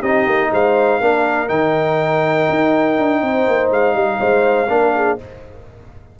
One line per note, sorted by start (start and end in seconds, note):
0.00 0.26 C4
0.00 1.01 D#4
0.00 0.49 G4
0.00 0.51 D#5
0.26 0.51 A#3
0.51 1.00 G#3
0.51 1.00 C5
0.51 1.48 F5
1.00 1.49 A#3
1.00 1.47 D4
1.00 3.21 A#4
1.47 2.48 D#3
1.47 4.67 D#4
1.47 3.70 G5
2.49 2.98 D#4
2.98 3.22 D4
3.22 3.46 C4
3.22 3.96 C5
3.47 3.70 A#3
3.70 3.93 G#3
3.70 5.19 F5
3.93 4.18 G3
3.93 4.20 D#5
4.20 4.68 G#3
4.20 4.69 C5
4.68 5.17 A#3
4.68 5.18 D4
4.68 4.94 A#4
4.95 5.19 G#4